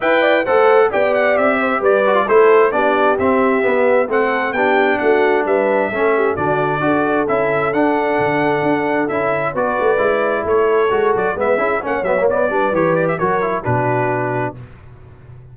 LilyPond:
<<
  \new Staff \with { instrumentName = "trumpet" } { \time 4/4 \tempo 4 = 132 g''4 fis''4 g''8 fis''8 e''4 | d''4 c''4 d''4 e''4~ | e''4 fis''4 g''4 fis''4 | e''2 d''2 |
e''4 fis''2. | e''4 d''2 cis''4~ | cis''8 d''8 e''4 fis''8 e''8 d''4 | cis''8 d''16 e''16 cis''4 b'2 | }
  \new Staff \with { instrumentName = "horn" } { \time 4/4 e''8 d''8 c''4 d''4. c''8 | b'4 a'4 g'2~ | g'4 a'4 g'4 fis'4 | b'4 a'8 g'8 fis'4 a'4~ |
a'1~ | a'4 b'2 a'4~ | a'4 b'8 gis'8 cis''4. b'8~ | b'4 ais'4 fis'2 | }
  \new Staff \with { instrumentName = "trombone" } { \time 4/4 b'4 a'4 g'2~ | g'8 fis'16 f'16 e'4 d'4 c'4 | b4 c'4 d'2~ | d'4 cis'4 d'4 fis'4 |
e'4 d'2. | e'4 fis'4 e'2 | fis'4 b8 e'8 cis'8 b16 ais16 b8 d'8 | g'4 fis'8 e'8 d'2 | }
  \new Staff \with { instrumentName = "tuba" } { \time 4/4 e'4 a4 b4 c'4 | g4 a4 b4 c'4 | b4 a4 b4 a4 | g4 a4 d4 d'4 |
cis'4 d'4 d4 d'4 | cis'4 b8 a8 gis4 a4 | gis8 fis8 gis8 cis'8 ais8 fis8 b8 g8 | e4 fis4 b,2 | }
>>